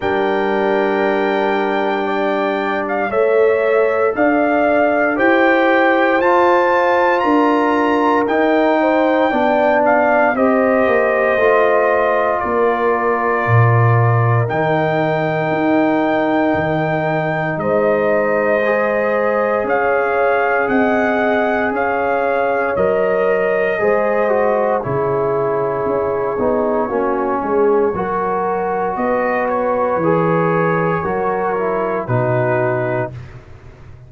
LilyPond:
<<
  \new Staff \with { instrumentName = "trumpet" } { \time 4/4 \tempo 4 = 58 g''2~ g''8. f''16 e''4 | f''4 g''4 a''4 ais''4 | g''4. f''8 dis''2 | d''2 g''2~ |
g''4 dis''2 f''4 | fis''4 f''4 dis''2 | cis''1 | dis''8 cis''2~ cis''8 b'4 | }
  \new Staff \with { instrumentName = "horn" } { \time 4/4 ais'2 d''4 cis''4 | d''4 c''2 ais'4~ | ais'8 c''8 d''4 c''2 | ais'1~ |
ais'4 c''2 cis''4 | dis''4 cis''2 c''4 | gis'2 fis'8 gis'8 ais'4 | b'2 ais'4 fis'4 | }
  \new Staff \with { instrumentName = "trombone" } { \time 4/4 d'2. a'4~ | a'4 g'4 f'2 | dis'4 d'4 g'4 f'4~ | f'2 dis'2~ |
dis'2 gis'2~ | gis'2 ais'4 gis'8 fis'8 | e'4. dis'8 cis'4 fis'4~ | fis'4 gis'4 fis'8 e'8 dis'4 | }
  \new Staff \with { instrumentName = "tuba" } { \time 4/4 g2. a4 | d'4 e'4 f'4 d'4 | dis'4 b4 c'8 ais8 a4 | ais4 ais,4 dis4 dis'4 |
dis4 gis2 cis'4 | c'4 cis'4 fis4 gis4 | cis4 cis'8 b8 ais8 gis8 fis4 | b4 e4 fis4 b,4 | }
>>